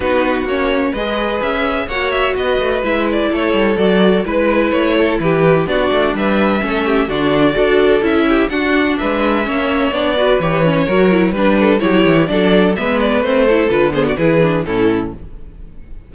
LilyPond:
<<
  \new Staff \with { instrumentName = "violin" } { \time 4/4 \tempo 4 = 127 b'4 cis''4 dis''4 e''4 | fis''8 e''8 dis''4 e''8 d''8 cis''4 | d''4 b'4 cis''4 b'4 | d''4 e''2 d''4~ |
d''4 e''4 fis''4 e''4~ | e''4 d''4 cis''2 | b'4 cis''4 d''4 e''8 d''8 | c''4 b'8 c''16 d''16 b'4 a'4 | }
  \new Staff \with { instrumentName = "violin" } { \time 4/4 fis'2 b'2 | cis''4 b'2 a'4~ | a'4 b'4. a'8 g'4 | fis'4 b'4 a'8 g'8 fis'4 |
a'4. g'8 fis'4 b'4 | cis''4. b'4. ais'4 | b'8 a'8 g'4 a'4 b'4~ | b'8 a'4 gis'16 fis'16 gis'4 e'4 | }
  \new Staff \with { instrumentName = "viola" } { \time 4/4 dis'4 cis'4 gis'2 | fis'2 e'2 | fis'4 e'2. | d'2 cis'4 d'4 |
fis'4 e'4 d'2 | cis'4 d'8 fis'8 g'8 cis'8 fis'8 e'8 | d'4 e'4 d'4 b4 | c'8 e'8 f'8 b8 e'8 d'8 cis'4 | }
  \new Staff \with { instrumentName = "cello" } { \time 4/4 b4 ais4 gis4 cis'4 | ais4 b8 a8 gis4 a8 g8 | fis4 gis4 a4 e4 | b8 a8 g4 a4 d4 |
d'4 cis'4 d'4 gis4 | ais4 b4 e4 fis4 | g4 fis8 e8 fis4 gis4 | a4 d4 e4 a,4 | }
>>